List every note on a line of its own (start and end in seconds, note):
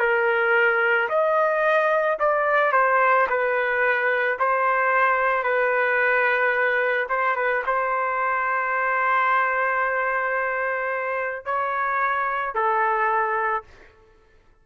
0.00 1.09 A#4
1.10 2.19 D#5
2.20 2.73 D5
2.73 3.27 C5
3.30 4.39 B4
4.39 5.43 C5
5.43 7.07 B4
7.10 7.36 C5
7.36 7.63 B4
7.67 11.46 C5
11.46 12.55 C#5
12.55 13.64 A4